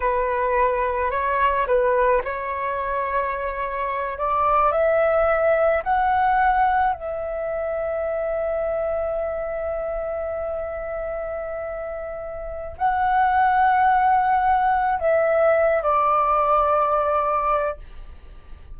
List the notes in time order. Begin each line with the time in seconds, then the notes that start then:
0.00 B4
1.11 C#5
1.66 B4
2.24 C#5
4.18 D5
4.71 E5
5.83 F#5
6.93 E5
12.78 F#5
14.99 E5
15.82 D5